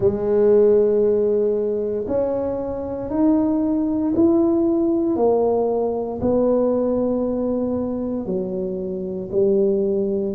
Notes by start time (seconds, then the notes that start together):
0.00 G#3
2.07 C#4
3.10 D#4
4.15 E4
5.16 A#3
6.21 B3
8.26 F#3
9.31 G3